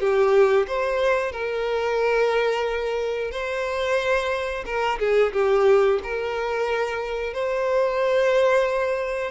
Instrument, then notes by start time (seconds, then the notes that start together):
violin
0.00 G4
0.67 C5
1.32 A#4
3.32 C5
4.66 A#4
4.99 G#4
5.33 G4
6.03 A#4
7.34 C5